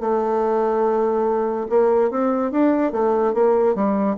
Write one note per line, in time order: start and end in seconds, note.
0.00 1.67 A3
1.69 2.10 A#3
2.10 2.51 C4
2.51 2.92 D4
2.92 3.33 A3
3.34 3.75 A#3
3.75 4.16 G3